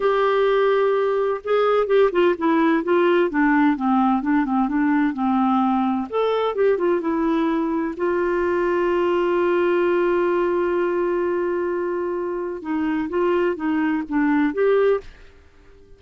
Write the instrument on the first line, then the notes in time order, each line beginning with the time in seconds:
clarinet
0.00 G4
1.44 G#4
1.86 G4
2.12 F4
2.38 E4
2.83 F4
3.30 D4
3.76 C4
4.22 D4
4.45 C4
4.68 D4
5.13 C4
6.09 A4
6.55 G4
6.77 F4
7.01 E4
7.97 F4
12.62 D#4
13.09 F4
13.56 D#4
14.09 D4
14.53 G4